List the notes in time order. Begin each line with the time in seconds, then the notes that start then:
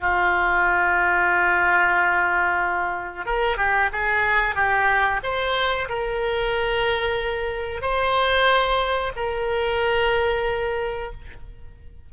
0.00 F4
3.25 A#4
3.57 G4
3.92 G#4
4.55 G4
5.23 C5
5.89 A#4
7.82 C5
9.16 A#4